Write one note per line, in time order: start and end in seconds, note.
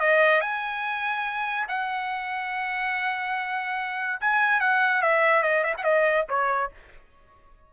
0.00 0.41 D#5
0.41 1.67 G#5
1.69 4.20 F#5
4.21 4.60 G#5
4.60 5.02 F#5
5.02 5.43 E5
5.43 5.64 D#5
5.64 5.74 E5
5.77 5.84 F#5
5.84 6.26 D#5
6.29 6.71 C#5